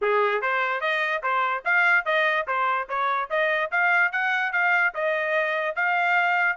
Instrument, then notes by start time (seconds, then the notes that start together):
trumpet
0.01 G#4
0.41 C5
0.81 D#5
1.22 C5
1.64 F5
2.05 D#5
2.47 C5
2.88 C#5
3.30 D#5
3.71 F5
4.12 F#5
4.52 F5
4.94 D#5
5.75 F5